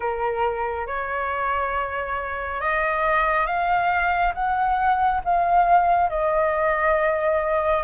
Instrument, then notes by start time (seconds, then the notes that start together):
flute
0.00 A#4
0.87 C#5
2.60 D#5
3.46 F5
4.34 F#5
5.24 F5
6.09 D#5